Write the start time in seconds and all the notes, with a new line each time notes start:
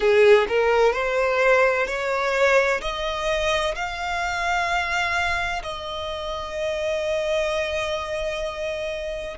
0.00 G#4
0.48 A#4
0.92 C5
1.87 C#5
2.81 D#5
3.75 F5
5.62 D#5